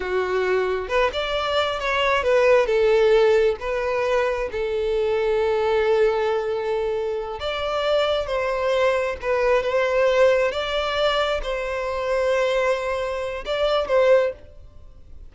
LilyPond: \new Staff \with { instrumentName = "violin" } { \time 4/4 \tempo 4 = 134 fis'2 b'8 d''4. | cis''4 b'4 a'2 | b'2 a'2~ | a'1~ |
a'8 d''2 c''4.~ | c''8 b'4 c''2 d''8~ | d''4. c''2~ c''8~ | c''2 d''4 c''4 | }